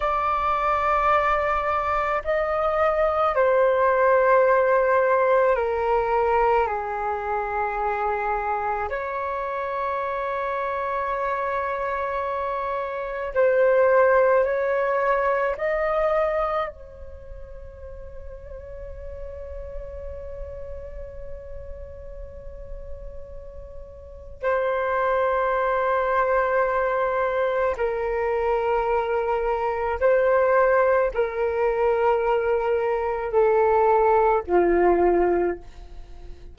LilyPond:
\new Staff \with { instrumentName = "flute" } { \time 4/4 \tempo 4 = 54 d''2 dis''4 c''4~ | c''4 ais'4 gis'2 | cis''1 | c''4 cis''4 dis''4 cis''4~ |
cis''1~ | cis''2 c''2~ | c''4 ais'2 c''4 | ais'2 a'4 f'4 | }